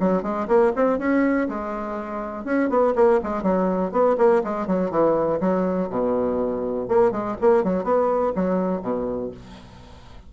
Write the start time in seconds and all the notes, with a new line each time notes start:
0.00 F#3
0.23 G#3
0.48 A#3
0.76 C4
0.99 C#4
1.49 G#3
2.45 C#4
2.69 B3
2.96 A#3
3.23 G#3
3.43 F#3
3.92 B3
4.18 A#3
4.44 G#3
4.67 F#3
4.91 E3
5.40 F#3
5.90 B2
6.88 A#3
7.12 G#3
7.41 A#3
7.64 F#3
7.84 B3
8.36 F#3
8.82 B2